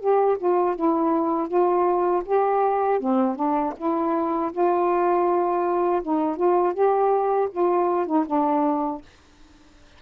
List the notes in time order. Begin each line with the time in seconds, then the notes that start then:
0.00 G4
0.38 F4
0.76 E4
1.48 F4
2.26 G4
3.00 C4
3.36 D4
3.77 E4
4.52 F4
6.03 D#4
6.36 F4
6.74 G4
7.52 F4
8.07 D#4
8.27 D4